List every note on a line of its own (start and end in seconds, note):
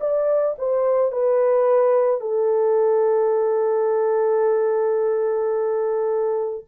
0.00 0.56 D5
0.58 1.12 C5
1.12 2.20 B4
2.20 6.65 A4